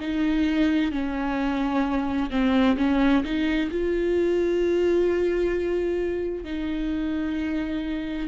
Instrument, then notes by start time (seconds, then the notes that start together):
viola
0.00 D#4
0.92 C#4
2.30 C4
2.77 C#4
3.24 D#4
3.71 F4
6.44 D#4